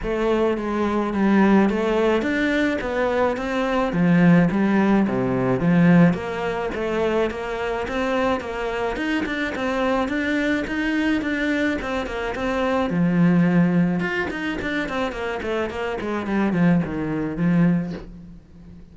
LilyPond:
\new Staff \with { instrumentName = "cello" } { \time 4/4 \tempo 4 = 107 a4 gis4 g4 a4 | d'4 b4 c'4 f4 | g4 c4 f4 ais4 | a4 ais4 c'4 ais4 |
dis'8 d'8 c'4 d'4 dis'4 | d'4 c'8 ais8 c'4 f4~ | f4 f'8 dis'8 d'8 c'8 ais8 a8 | ais8 gis8 g8 f8 dis4 f4 | }